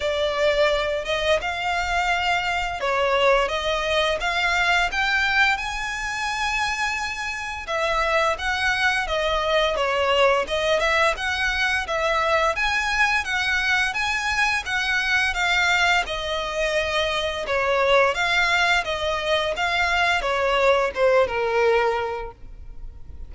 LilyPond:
\new Staff \with { instrumentName = "violin" } { \time 4/4 \tempo 4 = 86 d''4. dis''8 f''2 | cis''4 dis''4 f''4 g''4 | gis''2. e''4 | fis''4 dis''4 cis''4 dis''8 e''8 |
fis''4 e''4 gis''4 fis''4 | gis''4 fis''4 f''4 dis''4~ | dis''4 cis''4 f''4 dis''4 | f''4 cis''4 c''8 ais'4. | }